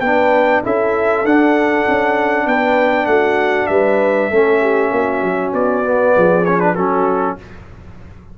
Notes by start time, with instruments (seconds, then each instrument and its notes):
0.00 tuba B3, trombone D4, horn B4, trumpet G5
0.63 tuba C#4, trombone E4, horn A4, trumpet E5
1.24 tuba D4, trombone D4, trumpet F#5
1.88 tuba C#4
2.46 tuba B3, horn B4, trumpet G5
3.06 tuba A3, horn F#4, trumpet F#5
3.66 tuba G3, horn B4, trumpet E5
4.31 tuba A3, trombone C#4, horn A4
4.61 horn G4
4.91 tuba A#3, horn F#4
5.22 tuba F#3
5.53 tuba B3, trumpet D5
5.84 trombone B3
6.16 tuba F3, horn G#4
6.45 trombone C#4, trumpet C#5
6.59 trombone D4, trumpet B4
6.75 tuba F#3, trombone C#4, horn F#4, trumpet A4